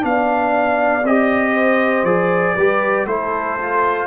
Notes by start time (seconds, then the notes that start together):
0.00 B3 D4 D5 F5
1.04 C4 G4 D#5
1.54 C5
2.04 F3 G#4 D5
2.56 G3 G4 B4
3.06 A3 E4 A4 C5
3.60 F4